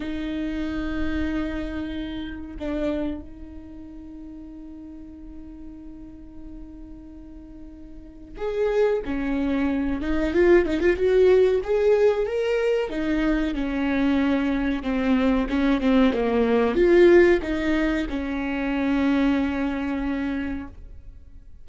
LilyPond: \new Staff \with { instrumentName = "viola" } { \time 4/4 \tempo 4 = 93 dis'1 | d'4 dis'2.~ | dis'1~ | dis'4 gis'4 cis'4. dis'8 |
f'8 dis'16 f'16 fis'4 gis'4 ais'4 | dis'4 cis'2 c'4 | cis'8 c'8 ais4 f'4 dis'4 | cis'1 | }